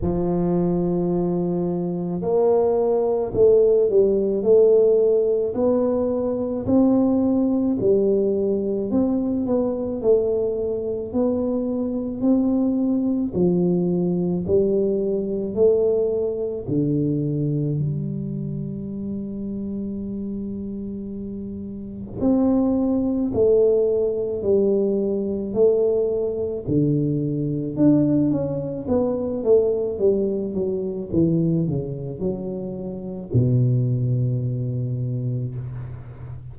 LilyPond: \new Staff \with { instrumentName = "tuba" } { \time 4/4 \tempo 4 = 54 f2 ais4 a8 g8 | a4 b4 c'4 g4 | c'8 b8 a4 b4 c'4 | f4 g4 a4 d4 |
g1 | c'4 a4 g4 a4 | d4 d'8 cis'8 b8 a8 g8 fis8 | e8 cis8 fis4 b,2 | }